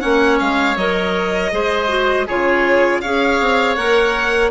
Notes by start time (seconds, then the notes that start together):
0.00 A#3 C#4 C#5 F#5
0.39 G#3 F5
0.76 F#3 A#4 D#5
1.51 G#3 G#4 C5
1.88 F#4
2.26 C#3 F4 G#4 C#5
3.01 C#4 G#4 C#5 F5
3.40 C4
3.75 A#3 A#4 F#5